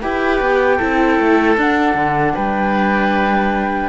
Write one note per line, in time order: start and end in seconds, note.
0.00 0.40 E4
0.00 0.80 G4
0.00 0.77 B4
0.00 1.56 G5
0.40 0.79 B3
0.77 1.19 C4
0.77 1.57 E4
0.77 2.32 A4
1.19 1.57 A3
1.57 1.94 D4
1.57 3.89 D4
1.57 2.35 F#5
1.94 2.33 D3
2.34 3.89 G3
2.34 3.89 B4
2.34 3.89 G5